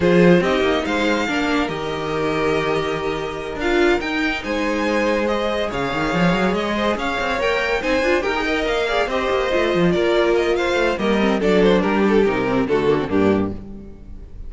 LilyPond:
<<
  \new Staff \with { instrumentName = "violin" } { \time 4/4 \tempo 4 = 142 c''4 dis''4 f''2 | dis''1~ | dis''8 f''4 g''4 gis''4.~ | gis''8 dis''4 f''2 dis''8~ |
dis''8 f''4 g''4 gis''4 g''8~ | g''8 f''4 dis''2 d''8~ | d''8 dis''8 f''4 dis''4 d''8 c''8 | ais'8 a'8 ais'4 a'4 g'4 | }
  \new Staff \with { instrumentName = "violin" } { \time 4/4 gis'4 g'4 c''4 ais'4~ | ais'1~ | ais'2~ ais'8 c''4.~ | c''4. cis''2~ cis''8 |
c''8 cis''2 c''4 ais'8 | dis''4 d''8 c''2 ais'8~ | ais'4 c''4 ais'4 a'4 | g'2 fis'4 d'4 | }
  \new Staff \with { instrumentName = "viola" } { \time 4/4 f'4 dis'2 d'4 | g'1~ | g'8 f'4 dis'2~ dis'8~ | dis'8 gis'2.~ gis'8~ |
gis'4. ais'4 dis'8 f'8 g'16 gis'16 | ais'4 gis'8 g'4 f'4.~ | f'2 ais8 c'8 d'4~ | d'4 dis'8 c'8 a8 ais16 c'16 ais4 | }
  \new Staff \with { instrumentName = "cello" } { \time 4/4 f4 c'8 ais8 gis4 ais4 | dis1~ | dis8 d'4 dis'4 gis4.~ | gis4. cis8 dis8 f8 fis8 gis8~ |
gis8 cis'8 c'8 ais4 c'8 d'8 dis'8~ | dis'8 ais4 c'8 ais8 a8 f8 ais8~ | ais4. a8 g4 fis4 | g4 c4 d4 g,4 | }
>>